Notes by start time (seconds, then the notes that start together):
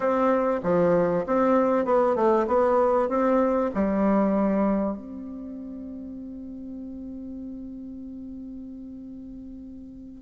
0.00 C4
0.63 F3
1.26 C4
1.85 B3
2.15 A3
2.47 B3
3.08 C4
3.74 G3
4.97 C4